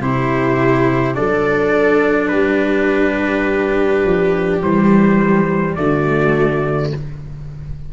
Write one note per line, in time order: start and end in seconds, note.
0.00 1.15 C3
0.00 1.14 E4
0.00 1.16 G4
0.00 1.15 C5
1.14 2.33 F#3
1.14 4.60 D4
1.14 2.30 A4
1.14 2.28 D5
2.28 4.05 G3
2.28 5.76 G4
2.28 4.59 B4
4.05 4.62 F3
4.62 5.77 E3
4.62 5.77 G3
4.62 5.75 C5
5.75 6.93 D3
5.75 6.92 A3
5.75 6.92 F#4
5.75 6.91 D5